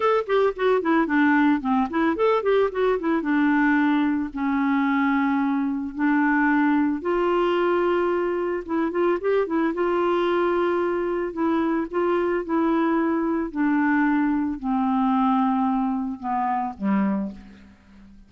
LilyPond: \new Staff \with { instrumentName = "clarinet" } { \time 4/4 \tempo 4 = 111 a'8 g'8 fis'8 e'8 d'4 c'8 e'8 | a'8 g'8 fis'8 e'8 d'2 | cis'2. d'4~ | d'4 f'2. |
e'8 f'8 g'8 e'8 f'2~ | f'4 e'4 f'4 e'4~ | e'4 d'2 c'4~ | c'2 b4 g4 | }